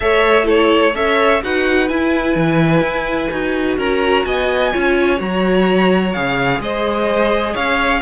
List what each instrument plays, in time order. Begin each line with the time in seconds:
0.00 cello A3, viola A4, violin C#5 E5
0.44 viola E4, violin A4 C#5
0.95 cello C#4, viola A4, violin C#5 E5
1.42 cello D#4, viola F#4, violin B4 F#5
1.88 viola E4, cello E4, violin G#5
2.35 cello E3
2.81 cello E4
3.30 cello D#4, viola F#4
3.77 cello C#4, violin A#4 A#5
4.25 cello B3, violin D#5 G#5
4.72 cello C#4, viola F4, violin C#5
5.17 cello F#3, viola F#4, violin A#5
6.13 cello C#3, viola G#4, violin F5
6.59 cello G#3, violin C5 D#5
7.53 cello C#4, violin C#5 F5